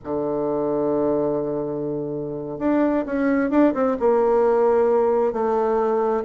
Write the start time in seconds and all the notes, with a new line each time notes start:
0.04 D3
2.58 D4
3.06 C#4
3.50 D4
3.74 C4
3.99 A#3
5.32 A3